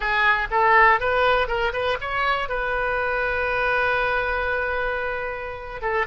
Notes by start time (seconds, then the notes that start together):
0.00 G#4
0.50 A4
1.00 B4
1.47 A#4
1.72 B4
2.00 C#5
2.49 B4
5.81 A4